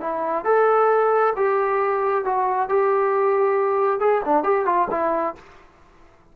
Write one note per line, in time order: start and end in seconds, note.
0.00 0.44 E4
0.44 1.33 A4
1.36 2.25 G4
2.25 2.69 F#4
2.69 4.00 G4
4.00 4.22 G#4
4.25 4.43 D4
4.43 4.65 G4
4.65 4.88 F4
4.90 5.35 E4